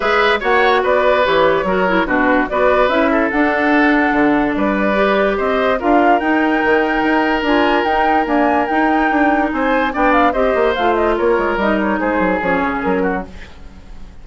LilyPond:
<<
  \new Staff \with { instrumentName = "flute" } { \time 4/4 \tempo 4 = 145 e''4 fis''4 d''4 cis''4~ | cis''4 b'4 d''4 e''4 | fis''2. d''4~ | d''4 dis''4 f''4 g''4~ |
g''2 gis''4 g''4 | gis''4 g''2 gis''4 | g''8 f''8 dis''4 f''8 dis''8 cis''4 | dis''8 cis''8 c''4 cis''4 ais'4 | }
  \new Staff \with { instrumentName = "oboe" } { \time 4/4 b'4 cis''4 b'2 | ais'4 fis'4 b'4. a'8~ | a'2. b'4~ | b'4 c''4 ais'2~ |
ais'1~ | ais'2. c''4 | d''4 c''2 ais'4~ | ais'4 gis'2~ gis'8 fis'8 | }
  \new Staff \with { instrumentName = "clarinet" } { \time 4/4 gis'4 fis'2 g'4 | fis'8 e'8 d'4 fis'4 e'4 | d'1 | g'2 f'4 dis'4~ |
dis'2 f'4 dis'4 | ais4 dis'2. | d'4 g'4 f'2 | dis'2 cis'2 | }
  \new Staff \with { instrumentName = "bassoon" } { \time 4/4 gis4 ais4 b4 e4 | fis4 b,4 b4 cis'4 | d'2 d4 g4~ | g4 c'4 d'4 dis'4 |
dis4 dis'4 d'4 dis'4 | d'4 dis'4 d'4 c'4 | b4 c'8 ais8 a4 ais8 gis8 | g4 gis8 fis8 f8 cis8 fis4 | }
>>